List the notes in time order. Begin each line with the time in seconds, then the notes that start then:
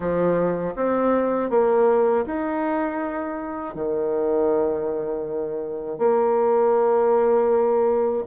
0.00 F3
0.75 C4
1.50 A#3
2.26 D#4
3.74 D#3
5.98 A#3